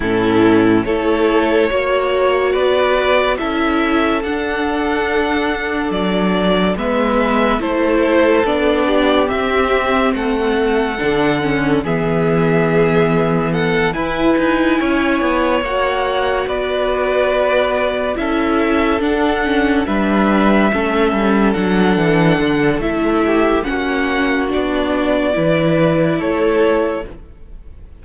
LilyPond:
<<
  \new Staff \with { instrumentName = "violin" } { \time 4/4 \tempo 4 = 71 a'4 cis''2 d''4 | e''4 fis''2 d''4 | e''4 c''4 d''4 e''4 | fis''2 e''2 |
fis''8 gis''2 fis''4 d''8~ | d''4. e''4 fis''4 e''8~ | e''4. fis''4. e''4 | fis''4 d''2 cis''4 | }
  \new Staff \with { instrumentName = "violin" } { \time 4/4 e'4 a'4 cis''4 b'4 | a'1 | b'4 a'4. g'4. | a'2 gis'2 |
a'8 b'4 cis''2 b'8~ | b'4. a'2 b'8~ | b'8 a'2. g'8 | fis'2 b'4 a'4 | }
  \new Staff \with { instrumentName = "viola" } { \time 4/4 cis'4 e'4 fis'2 | e'4 d'2. | b4 e'4 d'4 c'4~ | c'4 d'8 cis'8 b2~ |
b8 e'2 fis'4.~ | fis'4. e'4 d'8 cis'8 d'8~ | d'8 cis'4 d'4. e'4 | cis'4 d'4 e'2 | }
  \new Staff \with { instrumentName = "cello" } { \time 4/4 a,4 a4 ais4 b4 | cis'4 d'2 fis4 | gis4 a4 b4 c'4 | a4 d4 e2~ |
e8 e'8 dis'8 cis'8 b8 ais4 b8~ | b4. cis'4 d'4 g8~ | g8 a8 g8 fis8 e8 d8 a4 | ais4 b4 e4 a4 | }
>>